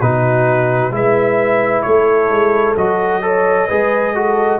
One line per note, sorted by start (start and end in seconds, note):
0.00 0.90 B2
0.00 0.92 D#4
0.00 0.93 F#4
0.00 0.92 B4
0.90 1.83 G#3
0.90 2.76 E4
0.90 1.86 B4
0.90 1.82 E5
1.82 2.30 A3
1.82 3.23 A4
1.82 2.74 C#5
2.30 2.76 G#3
2.76 3.68 F#3
2.76 3.22 F#4
2.76 4.59 D#5
3.22 3.68 A4
3.22 3.68 C#5
3.68 4.59 G#3
3.68 4.15 G#4
3.68 4.14 B4
4.15 4.59 F#4
4.15 4.59 A4